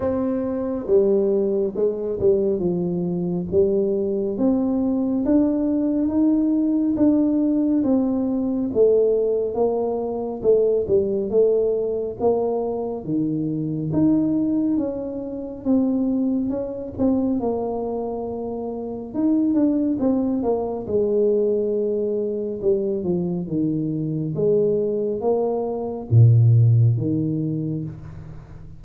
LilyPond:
\new Staff \with { instrumentName = "tuba" } { \time 4/4 \tempo 4 = 69 c'4 g4 gis8 g8 f4 | g4 c'4 d'4 dis'4 | d'4 c'4 a4 ais4 | a8 g8 a4 ais4 dis4 |
dis'4 cis'4 c'4 cis'8 c'8 | ais2 dis'8 d'8 c'8 ais8 | gis2 g8 f8 dis4 | gis4 ais4 ais,4 dis4 | }